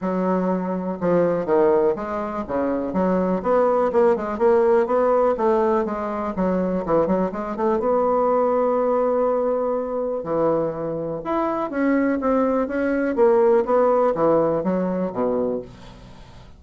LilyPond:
\new Staff \with { instrumentName = "bassoon" } { \time 4/4 \tempo 4 = 123 fis2 f4 dis4 | gis4 cis4 fis4 b4 | ais8 gis8 ais4 b4 a4 | gis4 fis4 e8 fis8 gis8 a8 |
b1~ | b4 e2 e'4 | cis'4 c'4 cis'4 ais4 | b4 e4 fis4 b,4 | }